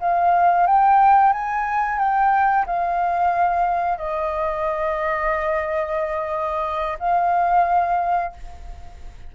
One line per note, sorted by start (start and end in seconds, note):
0.00 0.66 F5
0.66 1.32 G5
1.32 1.98 G#5
1.98 2.65 G5
2.66 3.98 F5
3.98 6.98 D#5
6.99 8.32 F5